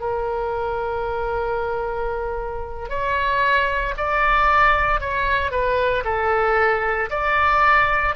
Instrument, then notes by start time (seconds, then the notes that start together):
oboe
0.00 A#4
2.89 C#5
3.97 D5
5.00 C#5
5.51 B4
6.04 A4
7.10 D5